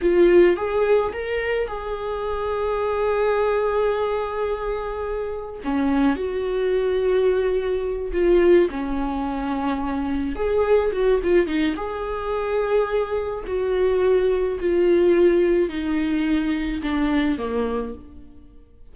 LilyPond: \new Staff \with { instrumentName = "viola" } { \time 4/4 \tempo 4 = 107 f'4 gis'4 ais'4 gis'4~ | gis'1~ | gis'2 cis'4 fis'4~ | fis'2~ fis'8 f'4 cis'8~ |
cis'2~ cis'8 gis'4 fis'8 | f'8 dis'8 gis'2. | fis'2 f'2 | dis'2 d'4 ais4 | }